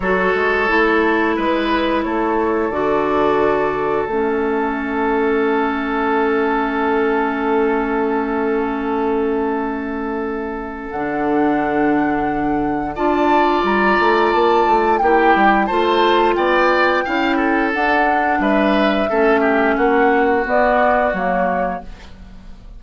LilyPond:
<<
  \new Staff \with { instrumentName = "flute" } { \time 4/4 \tempo 4 = 88 cis''2 b'4 cis''4 | d''2 e''2~ | e''1~ | e''1 |
fis''2. a''4 | ais''4 a''4 g''4 a''4 | g''2 fis''4 e''4~ | e''4 fis''4 d''4 cis''4 | }
  \new Staff \with { instrumentName = "oboe" } { \time 4/4 a'2 b'4 a'4~ | a'1~ | a'1~ | a'1~ |
a'2. d''4~ | d''2 g'4 c''4 | d''4 f''8 a'4. b'4 | a'8 g'8 fis'2. | }
  \new Staff \with { instrumentName = "clarinet" } { \time 4/4 fis'4 e'2. | fis'2 cis'2~ | cis'1~ | cis'1 |
d'2. f'4~ | f'2 e'4 f'4~ | f'4 e'4 d'2 | cis'2 b4 ais4 | }
  \new Staff \with { instrumentName = "bassoon" } { \time 4/4 fis8 gis8 a4 gis4 a4 | d2 a2~ | a1~ | a1 |
d2. d'4 | g8 a8 ais8 a8 ais8 g8 a4 | b4 cis'4 d'4 g4 | a4 ais4 b4 fis4 | }
>>